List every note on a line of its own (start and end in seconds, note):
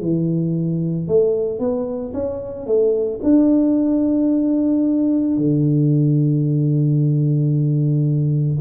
0.00 1.07 E3
1.07 1.59 A3
1.59 2.12 B3
2.13 2.66 C#4
2.66 3.20 A3
3.23 5.37 D4
5.37 8.58 D3